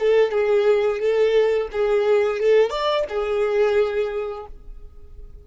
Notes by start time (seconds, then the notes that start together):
0.00 A4
0.32 G#4
1.00 A4
1.72 G#4
2.40 A4
2.71 D5
3.09 G#4